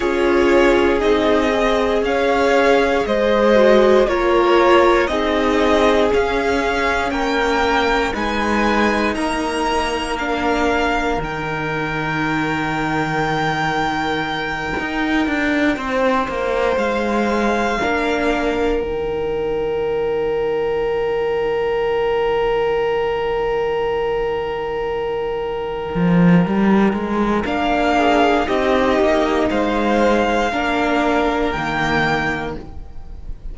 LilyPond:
<<
  \new Staff \with { instrumentName = "violin" } { \time 4/4 \tempo 4 = 59 cis''4 dis''4 f''4 dis''4 | cis''4 dis''4 f''4 g''4 | gis''4 ais''4 f''4 g''4~ | g''1~ |
g''8 f''2 g''4.~ | g''1~ | g''2. f''4 | dis''4 f''2 g''4 | }
  \new Staff \with { instrumentName = "violin" } { \time 4/4 gis'2 cis''4 c''4 | ais'4 gis'2 ais'4 | b'4 ais'2.~ | ais'2.~ ais'8 c''8~ |
c''4. ais'2~ ais'8~ | ais'1~ | ais'2.~ ais'8 gis'8 | g'4 c''4 ais'2 | }
  \new Staff \with { instrumentName = "viola" } { \time 4/4 f'4 dis'8 gis'2 fis'8 | f'4 dis'4 cis'2 | dis'2 d'4 dis'4~ | dis'1~ |
dis'4. d'4 dis'4.~ | dis'1~ | dis'2. d'4 | dis'2 d'4 ais4 | }
  \new Staff \with { instrumentName = "cello" } { \time 4/4 cis'4 c'4 cis'4 gis4 | ais4 c'4 cis'4 ais4 | gis4 ais2 dis4~ | dis2~ dis8 dis'8 d'8 c'8 |
ais8 gis4 ais4 dis4.~ | dis1~ | dis4. f8 g8 gis8 ais4 | c'8 ais8 gis4 ais4 dis4 | }
>>